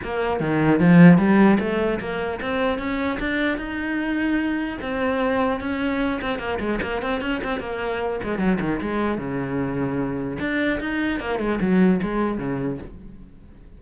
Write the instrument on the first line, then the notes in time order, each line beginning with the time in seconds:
cello
0.03 A#3
0.40 D#3
0.79 F3
1.18 G3
1.59 A3
2.00 A#3
2.41 C4
2.78 C#4
3.19 D4
3.57 D#4
4.81 C4
5.60 C#4
6.21 C4
6.38 A#3
6.59 G#3
6.82 A#3
7.02 C4
7.21 C#4
7.43 C4
7.59 A#3
8.23 G#3
8.38 F#3
8.60 D#3
8.81 G#3
9.18 C#3
10.39 D4
10.80 D#4
11.19 A#3
11.39 G#3
11.60 F#3
12.02 G#3
12.37 C#3